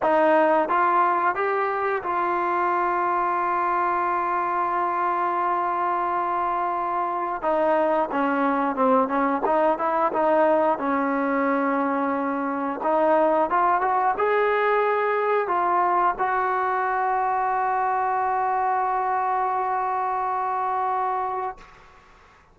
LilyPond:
\new Staff \with { instrumentName = "trombone" } { \time 4/4 \tempo 4 = 89 dis'4 f'4 g'4 f'4~ | f'1~ | f'2. dis'4 | cis'4 c'8 cis'8 dis'8 e'8 dis'4 |
cis'2. dis'4 | f'8 fis'8 gis'2 f'4 | fis'1~ | fis'1 | }